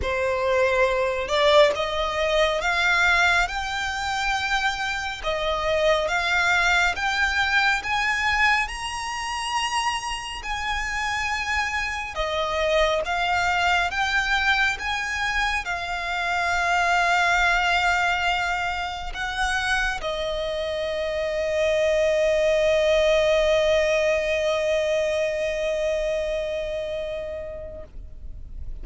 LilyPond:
\new Staff \with { instrumentName = "violin" } { \time 4/4 \tempo 4 = 69 c''4. d''8 dis''4 f''4 | g''2 dis''4 f''4 | g''4 gis''4 ais''2 | gis''2 dis''4 f''4 |
g''4 gis''4 f''2~ | f''2 fis''4 dis''4~ | dis''1~ | dis''1 | }